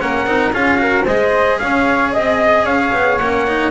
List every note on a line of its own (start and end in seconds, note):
0.00 0.25 A#3
0.00 0.26 C#4
0.00 0.54 A#4
0.00 0.53 F#5
0.25 0.52 C4
0.25 0.53 D#4
0.52 1.05 C#4
0.52 0.78 F4
0.52 0.81 G#4
0.52 1.07 F5
0.78 1.04 F#4
0.78 1.05 A#4
1.05 1.60 G#3
1.05 3.20 G#4
1.05 1.58 C5
1.05 1.59 D#5
1.59 2.16 C#4
1.59 2.13 C#5
1.59 2.12 F5
2.13 2.65 C4
2.13 2.65 D#5
2.13 2.66 D#5
2.65 2.91 C#4
2.65 3.71 C#5
2.65 3.18 F5
2.93 3.19 B3
3.18 3.71 A#3
3.18 3.48 C#4
3.18 3.71 F#5
3.48 3.71 D#4